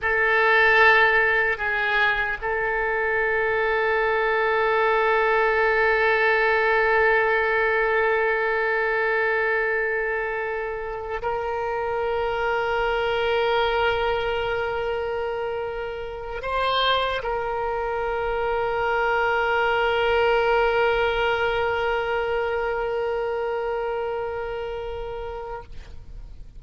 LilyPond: \new Staff \with { instrumentName = "oboe" } { \time 4/4 \tempo 4 = 75 a'2 gis'4 a'4~ | a'1~ | a'1~ | a'2 ais'2~ |
ais'1~ | ais'8 c''4 ais'2~ ais'8~ | ais'1~ | ais'1 | }